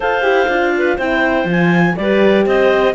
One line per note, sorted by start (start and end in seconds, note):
0.00 0.23 F4
0.00 0.22 A4
0.00 0.73 C5
0.00 0.98 F5
0.22 0.47 E4
0.22 0.46 G4
0.48 0.97 D4
0.48 0.98 F4
0.78 0.96 B4
0.96 1.44 C4
0.96 1.46 E4
0.96 1.94 C5
0.96 1.47 G5
1.44 1.93 F3
1.44 1.95 F4
1.51 1.96 G#5
1.96 2.45 G3
1.96 2.94 G4
1.96 2.45 B4
1.96 2.45 D5
2.45 2.94 C4
2.45 2.94 C5
2.45 2.94 D#5